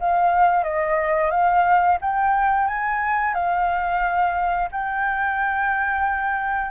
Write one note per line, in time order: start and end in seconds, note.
0.00 0.63 F5
0.63 1.31 D#5
1.31 1.98 F5
2.01 2.68 G5
2.68 3.34 G#5
3.34 4.69 F5
4.71 6.70 G5